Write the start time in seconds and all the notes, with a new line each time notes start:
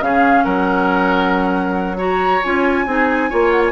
0.00 C#3 C#4 G#4 F5
0.44 F#3 A#4 F#5
1.97 F#4 C#5 A#5
2.43 C#4 F4 G#5
2.86 C4 D#4 G#4
3.29 A#3 F4 C#5
3.51 F#5
3.65 G#5